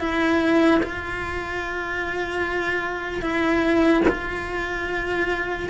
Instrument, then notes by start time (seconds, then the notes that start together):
cello
0.00 E4
0.83 F4
3.22 E4
4.09 F4